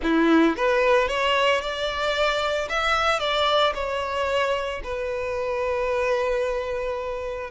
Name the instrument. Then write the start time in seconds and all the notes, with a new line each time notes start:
violin
0.02 E4
0.56 B4
1.08 C#5
1.61 D5
2.69 E5
3.19 D5
3.74 C#5
4.83 B4